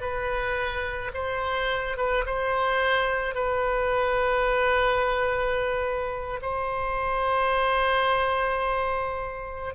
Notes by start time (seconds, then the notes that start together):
0.00 B4
1.13 C5
1.96 B4
2.26 C5
3.34 B4
6.41 C5